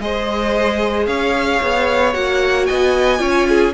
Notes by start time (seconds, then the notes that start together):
0.00 G#3 G#4 C5 D#5
1.07 C#4 C#5 F5
1.62 B3
2.14 A#3 F#4 F#5
2.66 B3 D#5 G#5
3.19 C#4 F4 C#5
3.49 G#4